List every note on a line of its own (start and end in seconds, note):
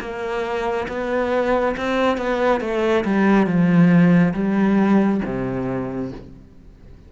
0.00 0.87 A#3
0.88 1.75 B3
1.77 2.17 C4
2.17 2.60 B3
2.60 3.04 A3
3.04 3.46 G3
3.46 4.33 F3
4.34 5.21 G3
5.25 6.12 C3